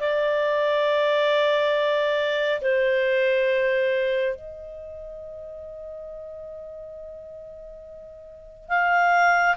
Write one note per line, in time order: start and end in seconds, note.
0.00 2.61 D5
2.62 4.36 C5
4.36 8.69 D#5
8.69 9.56 F5